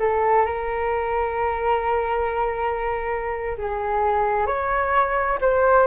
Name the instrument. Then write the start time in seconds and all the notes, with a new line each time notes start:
flute
0.00 A4
0.46 A#4
3.58 G#4
4.47 C#5
5.42 C5